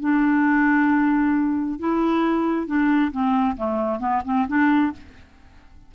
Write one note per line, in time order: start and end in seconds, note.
0.00 1.79 D4
1.79 2.66 E4
2.66 3.11 D4
3.11 3.56 C4
3.57 3.99 A3
3.99 4.22 B3
4.25 4.47 C4
4.48 4.92 D4